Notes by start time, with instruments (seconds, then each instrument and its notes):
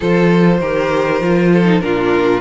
0.00 cello F3, viola F4, violin A4 C5
0.60 cello D#3, viola G4, violin A#4
1.21 cello F3, viola F4
1.52 violin A4
1.64 viola D#4
1.80 cello A#2, viola D4, violin F4 A#4